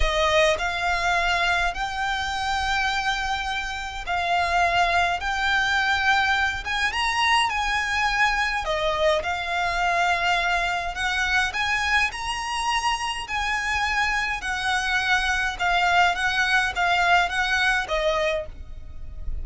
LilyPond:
\new Staff \with { instrumentName = "violin" } { \time 4/4 \tempo 4 = 104 dis''4 f''2 g''4~ | g''2. f''4~ | f''4 g''2~ g''8 gis''8 | ais''4 gis''2 dis''4 |
f''2. fis''4 | gis''4 ais''2 gis''4~ | gis''4 fis''2 f''4 | fis''4 f''4 fis''4 dis''4 | }